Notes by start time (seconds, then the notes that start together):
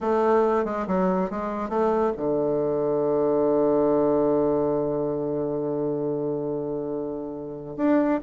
0.00 A3
0.65 G#3
0.87 F#3
1.30 G#3
1.69 A3
2.16 D3
7.76 D4